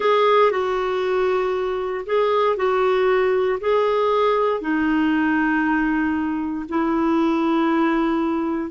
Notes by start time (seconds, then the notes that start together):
0.00 G#4
0.51 F#4
2.06 G#4
2.56 F#4
3.60 G#4
4.61 D#4
6.69 E4